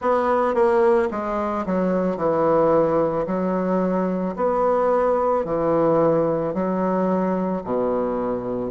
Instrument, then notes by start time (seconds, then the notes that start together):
bassoon
0.01 B3
0.54 A#3
1.10 G#3
1.66 F#3
2.17 E3
3.26 F#3
4.35 B3
5.44 E3
6.54 F#3
7.64 B2